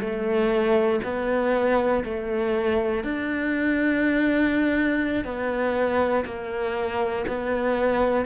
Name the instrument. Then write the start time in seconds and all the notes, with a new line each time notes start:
cello
0.00 A3
1.04 B3
2.04 A3
3.04 D4
5.25 B3
6.25 A#3
7.28 B3